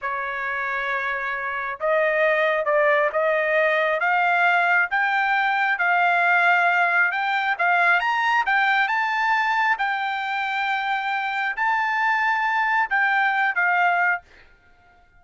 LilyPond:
\new Staff \with { instrumentName = "trumpet" } { \time 4/4 \tempo 4 = 135 cis''1 | dis''2 d''4 dis''4~ | dis''4 f''2 g''4~ | g''4 f''2. |
g''4 f''4 ais''4 g''4 | a''2 g''2~ | g''2 a''2~ | a''4 g''4. f''4. | }